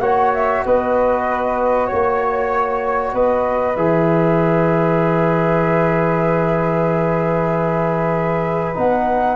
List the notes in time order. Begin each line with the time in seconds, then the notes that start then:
0.00 A#3 F#4 C#5 F#5
0.34 E5
0.65 B3 B4 D#5
1.87 A#3 C#5
3.14 B3 B4 D#5
3.76 E3 G#4 E5
8.75 B3 D#4 F#5